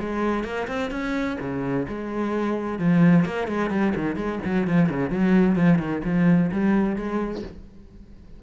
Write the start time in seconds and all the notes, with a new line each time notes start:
0.00 G#3
0.44 A#3
0.68 C4
0.91 C#4
1.41 C#3
1.89 G#3
2.79 F3
3.26 A#3
3.48 G#3
3.70 G3
3.95 D#3
4.16 G#3
4.45 F#3
4.68 F3
4.89 C#3
5.10 F#3
5.56 F3
5.79 D#3
6.05 F3
6.52 G3
6.96 G#3